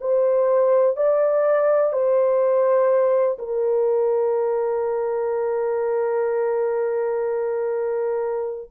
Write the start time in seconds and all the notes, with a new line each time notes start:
0.00 C5
0.96 D5
1.92 C5
3.38 A#4